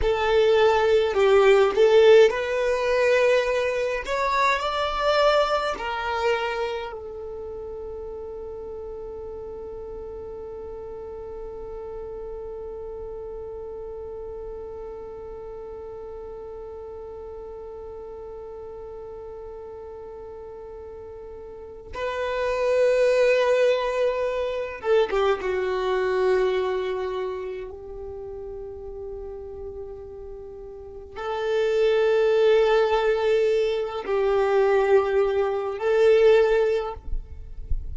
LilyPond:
\new Staff \with { instrumentName = "violin" } { \time 4/4 \tempo 4 = 52 a'4 g'8 a'8 b'4. cis''8 | d''4 ais'4 a'2~ | a'1~ | a'1~ |
a'2. b'4~ | b'4. a'16 g'16 fis'2 | g'2. a'4~ | a'4. g'4. a'4 | }